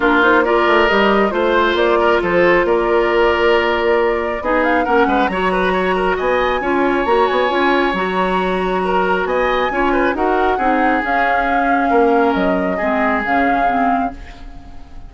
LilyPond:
<<
  \new Staff \with { instrumentName = "flute" } { \time 4/4 \tempo 4 = 136 ais'8 c''8 d''4 dis''4 c''4 | d''4 c''4 d''2~ | d''2 dis''8 f''8 fis''4 | ais''2 gis''2 |
ais''8 gis''4. ais''2~ | ais''4 gis''2 fis''4~ | fis''4 f''2. | dis''2 f''2 | }
  \new Staff \with { instrumentName = "oboe" } { \time 4/4 f'4 ais'2 c''4~ | c''8 ais'8 a'4 ais'2~ | ais'2 gis'4 ais'8 b'8 | cis''8 b'8 cis''8 ais'8 dis''4 cis''4~ |
cis''1 | ais'4 dis''4 cis''8 b'8 ais'4 | gis'2. ais'4~ | ais'4 gis'2. | }
  \new Staff \with { instrumentName = "clarinet" } { \time 4/4 d'8 dis'8 f'4 g'4 f'4~ | f'1~ | f'2 dis'4 cis'4 | fis'2. f'4 |
fis'4 f'4 fis'2~ | fis'2 f'4 fis'4 | dis'4 cis'2.~ | cis'4 c'4 cis'4 c'4 | }
  \new Staff \with { instrumentName = "bassoon" } { \time 4/4 ais4. a8 g4 a4 | ais4 f4 ais2~ | ais2 b4 ais8 gis8 | fis2 b4 cis'4 |
ais8 b8 cis'4 fis2~ | fis4 b4 cis'4 dis'4 | c'4 cis'2 ais4 | fis4 gis4 cis2 | }
>>